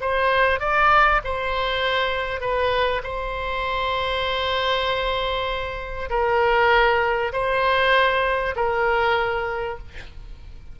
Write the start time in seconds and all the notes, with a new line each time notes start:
0.00 C5
0.60 D5
1.24 C5
2.40 B4
3.03 C5
6.09 A#4
7.32 C5
8.55 A#4